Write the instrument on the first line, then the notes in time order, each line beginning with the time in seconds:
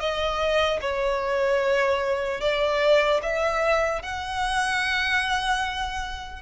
violin
0.00 D#5
0.81 C#5
2.41 D5
3.23 E5
4.03 F#5